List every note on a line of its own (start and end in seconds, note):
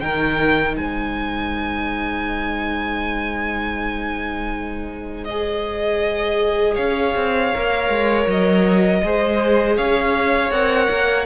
0.00 0.77 D#3
0.00 5.25 D#4
0.00 0.79 A#4
0.00 0.75 G5
0.77 6.77 G#3
0.77 6.75 C5
0.77 5.24 G#5
5.24 7.54 G#4
5.24 6.74 D#5
6.75 7.15 C#4
6.75 9.00 C#5
6.75 8.26 F5
7.15 7.53 C4
7.54 7.89 A#3
7.54 9.04 A#4
7.89 8.26 G#3
8.27 9.02 F#3
8.27 9.77 D#5
9.03 9.78 G#3
9.03 10.51 G#4
9.03 9.76 C5
9.76 10.51 C#4
9.76 11.26 C#5
9.76 10.51 F5
10.51 10.88 C4
10.51 11.26 A#4
10.51 11.26 F#5
10.90 11.26 A#3